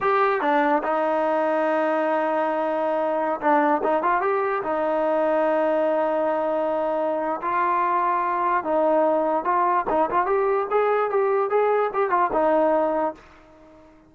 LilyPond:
\new Staff \with { instrumentName = "trombone" } { \time 4/4 \tempo 4 = 146 g'4 d'4 dis'2~ | dis'1~ | dis'16 d'4 dis'8 f'8 g'4 dis'8.~ | dis'1~ |
dis'2 f'2~ | f'4 dis'2 f'4 | dis'8 f'8 g'4 gis'4 g'4 | gis'4 g'8 f'8 dis'2 | }